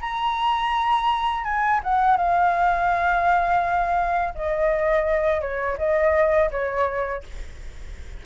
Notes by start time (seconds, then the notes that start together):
0.00 A#5
1.44 G#5
1.83 F#5
2.17 F5
4.34 D#5
5.41 C#5
5.77 D#5
6.51 C#5